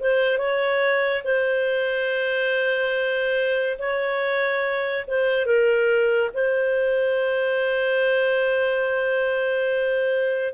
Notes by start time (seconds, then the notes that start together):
0.00 C5
0.38 C#5
1.24 C5
3.79 C#5
5.07 C5
5.46 A#4
6.34 C5